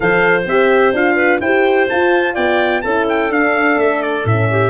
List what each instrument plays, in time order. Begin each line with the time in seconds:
0.00 tuba F3, horn A4, clarinet C5, trumpet F5
0.45 tuba C4, horn G4, trumpet E5
0.92 tuba D4, horn F4, trumpet F5
1.16 clarinet B4
1.40 tuba E4, horn G4, clarinet C5, trumpet G5
1.88 horn F4, tuba F4, trumpet A5
2.34 tuba B3, clarinet D5, trumpet G5
2.81 tuba C#4, horn E4, clarinet A4, trumpet A5
3.09 trumpet G5
3.30 tuba D4, horn D4, trumpet F5
3.76 tuba A3, trumpet E5
4.02 trumpet D5
4.24 tuba A2, horn C#4, trumpet E5
4.50 clarinet G4